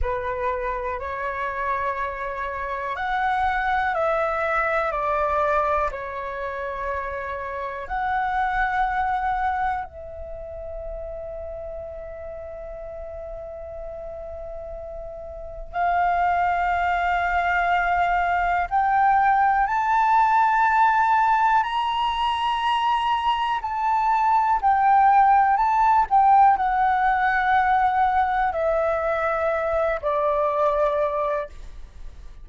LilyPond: \new Staff \with { instrumentName = "flute" } { \time 4/4 \tempo 4 = 61 b'4 cis''2 fis''4 | e''4 d''4 cis''2 | fis''2 e''2~ | e''1 |
f''2. g''4 | a''2 ais''2 | a''4 g''4 a''8 g''8 fis''4~ | fis''4 e''4. d''4. | }